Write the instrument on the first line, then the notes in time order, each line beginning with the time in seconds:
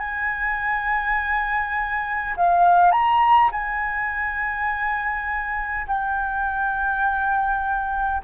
flute
0.00 G#5
2.37 F5
2.92 A#5
3.52 G#5
5.88 G5